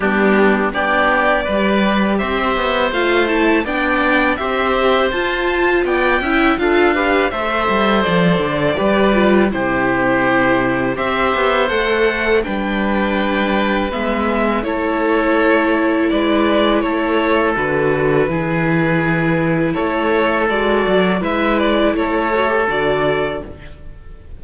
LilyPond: <<
  \new Staff \with { instrumentName = "violin" } { \time 4/4 \tempo 4 = 82 g'4 d''2 e''4 | f''8 a''8 g''4 e''4 a''4 | g''4 f''4 e''4 d''4~ | d''4 c''2 e''4 |
fis''4 g''2 e''4 | cis''2 d''4 cis''4 | b'2. cis''4 | d''4 e''8 d''8 cis''4 d''4 | }
  \new Staff \with { instrumentName = "oboe" } { \time 4/4 d'4 g'4 b'4 c''4~ | c''4 d''4 c''2 | d''8 e''8 a'8 b'8 c''2 | b'4 g'2 c''4~ |
c''4 b'2. | a'2 b'4 a'4~ | a'4 gis'2 a'4~ | a'4 b'4 a'2 | }
  \new Staff \with { instrumentName = "viola" } { \time 4/4 b4 d'4 g'2 | f'8 e'8 d'4 g'4 f'4~ | f'8 e'8 f'8 g'8 a'2 | g'8 f'8 e'2 g'4 |
a'4 d'2 b4 | e'1 | fis'4 e'2. | fis'4 e'4. fis'16 g'16 fis'4 | }
  \new Staff \with { instrumentName = "cello" } { \time 4/4 g4 b4 g4 c'8 b8 | a4 b4 c'4 f'4 | b8 cis'8 d'4 a8 g8 f8 d8 | g4 c2 c'8 b8 |
a4 g2 gis4 | a2 gis4 a4 | d4 e2 a4 | gis8 fis8 gis4 a4 d4 | }
>>